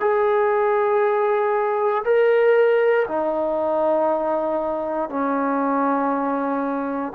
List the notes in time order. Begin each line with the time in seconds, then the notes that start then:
0.00 G#4
2.05 A#4
3.08 D#4
5.10 C#4